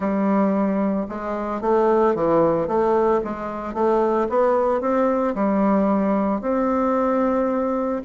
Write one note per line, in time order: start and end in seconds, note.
0.00 1.06 G3
1.08 1.61 G#3
1.61 2.14 A3
2.14 2.67 E3
2.67 3.21 A3
3.24 3.74 G#3
3.74 4.27 A3
4.29 4.80 B3
4.80 5.34 C4
5.34 6.41 G3
6.41 8.01 C4